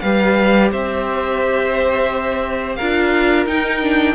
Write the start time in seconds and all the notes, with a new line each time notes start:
0.00 G3 G4 B4 F5
0.71 C4 C5 E5
2.75 D4 F4 A#4 F5
3.46 D#4 G5
3.82 D4